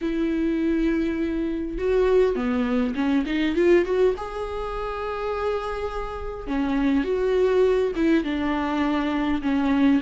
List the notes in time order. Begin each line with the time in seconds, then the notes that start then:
0.01 E4
1.78 F#4
2.35 B3
2.95 C#4
3.26 D#4
3.55 F4
3.85 F#4
4.17 G#4
6.47 C#4
7.03 F#4
7.95 E4
8.24 D4
9.42 C#4